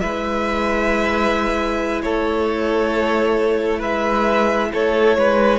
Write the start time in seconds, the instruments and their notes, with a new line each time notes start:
0.00 cello G#3, viola E4, violin B4 E5
2.02 cello A3, violin A4 C#5
3.79 cello G#3, violin B4 E5
4.73 cello A3, violin A4 C#5
5.17 cello G#3, violin B4